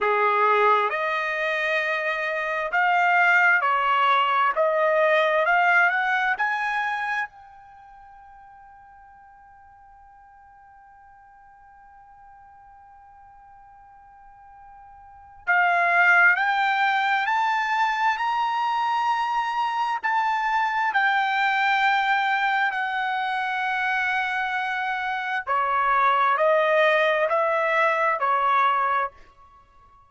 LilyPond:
\new Staff \with { instrumentName = "trumpet" } { \time 4/4 \tempo 4 = 66 gis'4 dis''2 f''4 | cis''4 dis''4 f''8 fis''8 gis''4 | g''1~ | g''1~ |
g''4 f''4 g''4 a''4 | ais''2 a''4 g''4~ | g''4 fis''2. | cis''4 dis''4 e''4 cis''4 | }